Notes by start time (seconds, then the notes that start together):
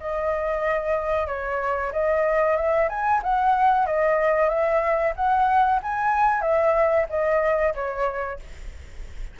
0.00 D#5
1.27 C#5
1.93 D#5
2.56 E5
2.89 G#5
3.23 F#5
3.86 D#5
4.49 E5
5.16 F#5
5.83 G#5
6.42 E5
7.10 D#5
7.75 C#5